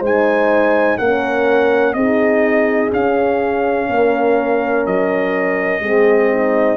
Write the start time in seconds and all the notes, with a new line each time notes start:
0.00 G#3 D#4 C5 G#5
0.98 A#3 C#4 A#4 F#5
1.93 C4 D#4 G#4 D#5
2.91 C#4 F5
3.89 A#3 A#4
4.86 F#3 D#5
5.80 G#3 C4 G#4
6.31 D#4